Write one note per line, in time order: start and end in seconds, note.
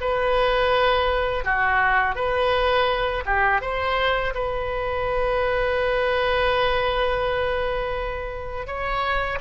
0.00 1.44 B4
1.44 2.15 F#4
2.15 3.23 B4
3.25 3.61 G4
3.61 4.33 C5
4.34 8.66 B4
8.66 9.38 C#5